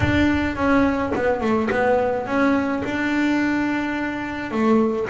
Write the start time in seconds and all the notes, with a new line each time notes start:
0.00 D4
0.55 C#4
1.15 B3
1.40 A3
1.70 B3
2.26 C#4
2.84 D4
4.51 A3